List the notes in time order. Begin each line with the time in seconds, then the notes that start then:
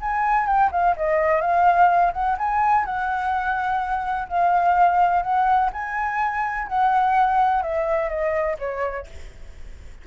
0.00 G#5
0.46 G5
0.71 F5
0.96 D#5
1.41 F5
2.13 F#5
2.38 G#5
2.85 F#5
4.28 F5
5.22 F#5
5.73 G#5
6.67 F#5
7.62 E5
8.09 D#5
8.58 C#5